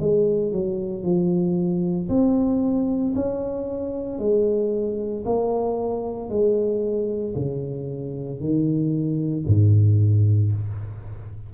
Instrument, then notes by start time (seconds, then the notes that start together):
tuba
0.00 G#3
0.52 F#3
1.03 F3
2.09 C4
3.15 C#4
4.19 G#3
5.25 A#3
6.29 G#3
7.35 C#3
8.40 D#3
9.46 G#2